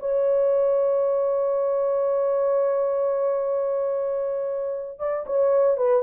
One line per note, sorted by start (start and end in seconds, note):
0.00 5.00 C#5
5.00 5.26 D5
5.27 5.78 C#5
5.78 6.03 B4